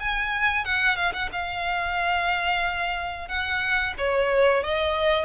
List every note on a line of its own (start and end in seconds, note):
0.00 0.65 G#5
0.65 0.97 F#5
0.97 1.13 F5
1.14 1.30 F#5
1.33 3.28 F5
3.28 3.94 F#5
3.98 4.64 C#5
4.64 5.25 D#5